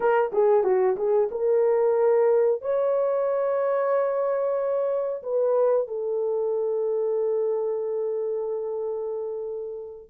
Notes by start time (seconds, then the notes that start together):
0.00 A#4
0.32 G#4
0.63 F#4
0.96 G#4
1.31 A#4
2.61 C#5
5.22 B4
5.87 A4